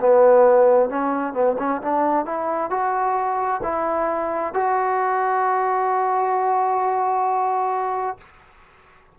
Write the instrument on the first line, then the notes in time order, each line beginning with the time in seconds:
trombone
0.00 B3
0.89 C#4
1.33 B3
1.58 C#4
1.81 D4
2.25 E4
2.70 F#4
3.63 E4
4.54 F#4